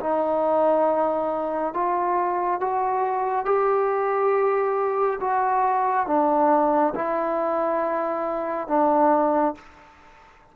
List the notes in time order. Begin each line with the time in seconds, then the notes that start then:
0.00 D#4
1.74 F4
2.60 F#4
3.45 G4
5.20 F#4
6.07 D4
6.94 E4
8.68 D4